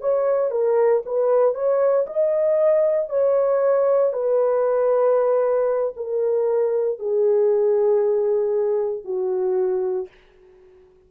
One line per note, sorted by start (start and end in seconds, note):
0.00 0.51 C#5
0.51 1.03 A#4
1.05 1.54 B4
1.54 2.06 C#5
2.06 3.09 D#5
3.09 4.13 C#5
4.13 5.94 B4
5.96 6.99 A#4
6.99 9.04 G#4
9.04 10.08 F#4